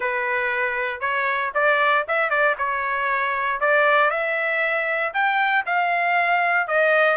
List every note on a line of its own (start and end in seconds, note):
0.00 1.00 B4
1.00 1.51 C#5
1.54 2.05 D5
2.08 2.30 E5
2.30 2.55 D5
2.58 3.60 C#5
3.60 4.10 D5
4.10 5.12 E5
5.13 5.64 G5
5.65 6.67 F5
6.67 7.17 D#5